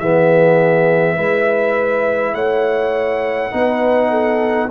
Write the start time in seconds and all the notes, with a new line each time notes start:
0.00 E3 B3 G#4 E5
1.16 G#3 E4 B4
2.34 A3 C#5 F#5
3.51 B3 D#4 B4
4.10 A4